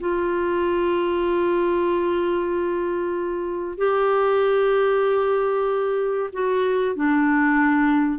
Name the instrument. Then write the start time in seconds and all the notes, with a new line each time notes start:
clarinet
0.00 F4
3.78 G4
6.33 F#4
6.96 D4